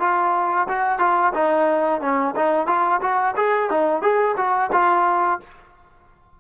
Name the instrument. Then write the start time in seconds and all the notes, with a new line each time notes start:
trombone
0.00 F4
0.69 F#4
0.99 F4
1.34 D#4
2.01 C#4
2.36 D#4
2.68 F4
3.02 F#4
3.37 G#4
3.70 D#4
4.02 G#4
4.37 F#4
4.73 F4